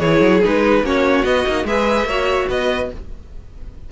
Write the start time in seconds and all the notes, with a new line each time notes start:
0.00 E3 E4 G#4 C#5
0.21 F#3
0.43 G#3 D#4 B4
0.83 A#3 C#4 F#4 C#5
1.25 B3 D#5
1.47 A#3 D#4
1.64 G#3 G#4 B4 E5
2.04 A#3 F#4 C#5
2.49 B3 B4 D#5